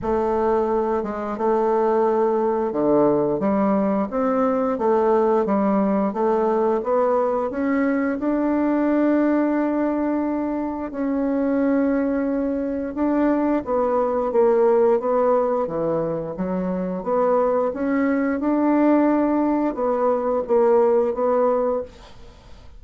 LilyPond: \new Staff \with { instrumentName = "bassoon" } { \time 4/4 \tempo 4 = 88 a4. gis8 a2 | d4 g4 c'4 a4 | g4 a4 b4 cis'4 | d'1 |
cis'2. d'4 | b4 ais4 b4 e4 | fis4 b4 cis'4 d'4~ | d'4 b4 ais4 b4 | }